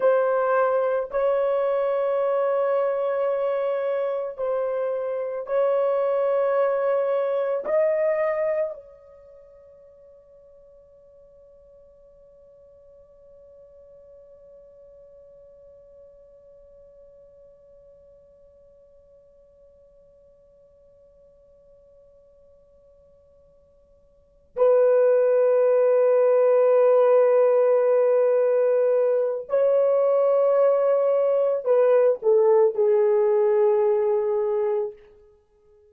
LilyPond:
\new Staff \with { instrumentName = "horn" } { \time 4/4 \tempo 4 = 55 c''4 cis''2. | c''4 cis''2 dis''4 | cis''1~ | cis''1~ |
cis''1~ | cis''2~ cis''8 b'4.~ | b'2. cis''4~ | cis''4 b'8 a'8 gis'2 | }